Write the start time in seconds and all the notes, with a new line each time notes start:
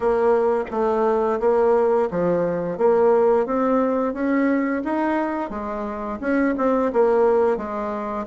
0.00 A#3
0.70 A3
1.39 A#3
2.10 F3
2.77 A#3
3.46 C4
4.13 C#4
4.84 D#4
5.50 G#3
6.20 C#4
6.57 C4
6.92 A#3
7.57 G#3